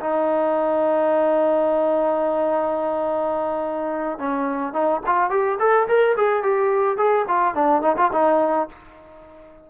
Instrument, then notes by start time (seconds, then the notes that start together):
trombone
0.00 D#4
4.19 C#4
4.73 D#4
5.06 F4
5.30 G4
5.59 A4
5.88 A#4
6.17 G#4
6.43 G4
6.97 G#4
7.28 F4
7.54 D4
7.81 D#4
7.97 F4
8.12 D#4